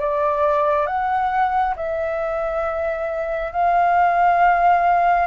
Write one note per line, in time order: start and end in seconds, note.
0.00 0.87 D5
0.87 1.75 F#5
1.76 3.53 E5
3.53 5.27 F5